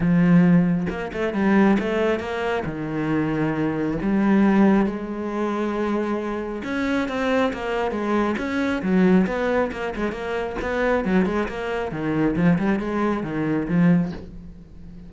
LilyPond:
\new Staff \with { instrumentName = "cello" } { \time 4/4 \tempo 4 = 136 f2 ais8 a8 g4 | a4 ais4 dis2~ | dis4 g2 gis4~ | gis2. cis'4 |
c'4 ais4 gis4 cis'4 | fis4 b4 ais8 gis8 ais4 | b4 fis8 gis8 ais4 dis4 | f8 g8 gis4 dis4 f4 | }